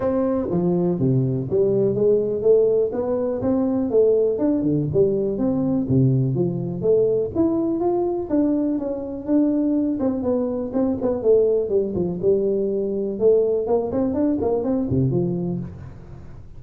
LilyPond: \new Staff \with { instrumentName = "tuba" } { \time 4/4 \tempo 4 = 123 c'4 f4 c4 g4 | gis4 a4 b4 c'4 | a4 d'8 d8 g4 c'4 | c4 f4 a4 e'4 |
f'4 d'4 cis'4 d'4~ | d'8 c'8 b4 c'8 b8 a4 | g8 f8 g2 a4 | ais8 c'8 d'8 ais8 c'8 c8 f4 | }